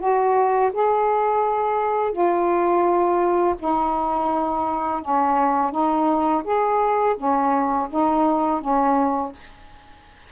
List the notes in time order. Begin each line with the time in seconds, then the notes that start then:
0.00 F#4
0.73 G#4
2.12 F4
3.59 D#4
5.02 C#4
5.71 D#4
6.44 G#4
7.17 C#4
7.90 D#4
8.61 C#4